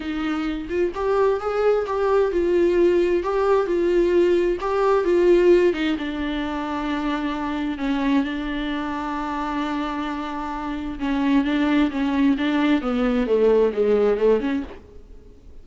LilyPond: \new Staff \with { instrumentName = "viola" } { \time 4/4 \tempo 4 = 131 dis'4. f'8 g'4 gis'4 | g'4 f'2 g'4 | f'2 g'4 f'4~ | f'8 dis'8 d'2.~ |
d'4 cis'4 d'2~ | d'1 | cis'4 d'4 cis'4 d'4 | b4 a4 gis4 a8 cis'8 | }